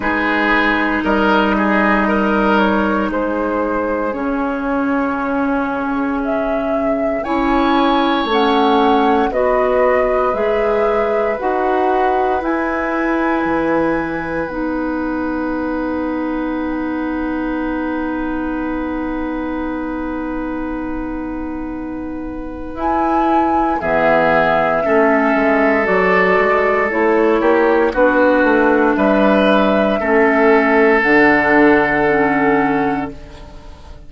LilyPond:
<<
  \new Staff \with { instrumentName = "flute" } { \time 4/4 \tempo 4 = 58 b'4 dis''4. cis''8 c''4 | cis''2 e''4 gis''4 | fis''4 dis''4 e''4 fis''4 | gis''2 fis''2~ |
fis''1~ | fis''2 gis''4 e''4~ | e''4 d''4 cis''4 b'4 | e''2 fis''2 | }
  \new Staff \with { instrumentName = "oboe" } { \time 4/4 gis'4 ais'8 gis'8 ais'4 gis'4~ | gis'2. cis''4~ | cis''4 b'2.~ | b'1~ |
b'1~ | b'2. gis'4 | a'2~ a'8 g'8 fis'4 | b'4 a'2. | }
  \new Staff \with { instrumentName = "clarinet" } { \time 4/4 dis'1 | cis'2. e'4 | cis'4 fis'4 gis'4 fis'4 | e'2 dis'2~ |
dis'1~ | dis'2 e'4 b4 | cis'4 fis'4 e'4 d'4~ | d'4 cis'4 d'4 cis'4 | }
  \new Staff \with { instrumentName = "bassoon" } { \time 4/4 gis4 g2 gis4 | cis2. cis'4 | a4 b4 gis4 dis'4 | e'4 e4 b2~ |
b1~ | b2 e'4 e4 | a8 gis8 fis8 gis8 a8 ais8 b8 a8 | g4 a4 d2 | }
>>